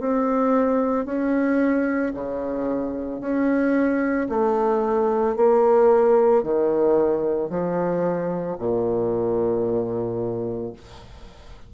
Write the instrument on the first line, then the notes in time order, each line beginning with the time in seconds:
bassoon
0.00 C4
1.05 C#4
2.14 C#3
3.20 C#4
4.29 A3
5.36 A#3
6.43 D#3
7.50 F3
8.59 A#2